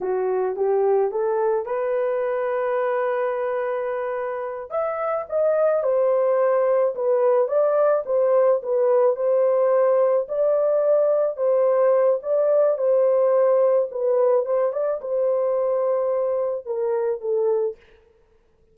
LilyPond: \new Staff \with { instrumentName = "horn" } { \time 4/4 \tempo 4 = 108 fis'4 g'4 a'4 b'4~ | b'1~ | b'8 e''4 dis''4 c''4.~ | c''8 b'4 d''4 c''4 b'8~ |
b'8 c''2 d''4.~ | d''8 c''4. d''4 c''4~ | c''4 b'4 c''8 d''8 c''4~ | c''2 ais'4 a'4 | }